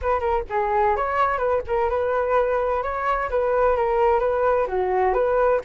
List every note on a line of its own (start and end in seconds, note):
0.01 0.20 B4
0.20 0.43 A#4
0.49 0.96 G#4
0.96 1.38 C#5
1.38 1.61 B4
1.67 1.89 A#4
1.89 2.83 B4
2.83 3.29 C#5
3.30 3.76 B4
3.76 4.19 A#4
4.19 4.66 B4
4.67 5.13 F#4
5.13 5.60 B4